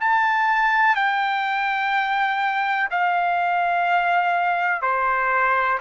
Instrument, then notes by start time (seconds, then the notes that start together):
trumpet
0.00 A5
0.95 G5
2.90 F5
4.82 C5